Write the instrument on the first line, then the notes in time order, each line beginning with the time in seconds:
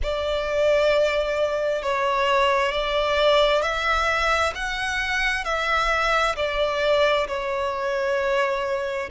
violin
0.02 D5
1.82 C#5
2.71 D5
3.62 E5
4.55 F#5
5.44 E5
6.36 D5
7.27 C#5